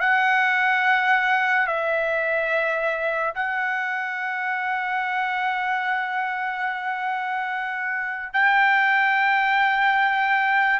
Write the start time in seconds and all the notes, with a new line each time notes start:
0.00 F#5
1.67 E5
3.34 F#5
8.33 G5